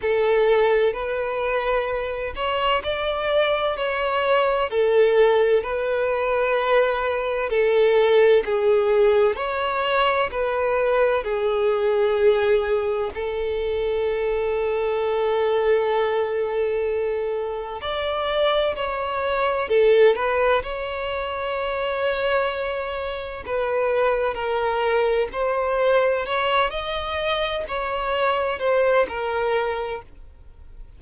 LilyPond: \new Staff \with { instrumentName = "violin" } { \time 4/4 \tempo 4 = 64 a'4 b'4. cis''8 d''4 | cis''4 a'4 b'2 | a'4 gis'4 cis''4 b'4 | gis'2 a'2~ |
a'2. d''4 | cis''4 a'8 b'8 cis''2~ | cis''4 b'4 ais'4 c''4 | cis''8 dis''4 cis''4 c''8 ais'4 | }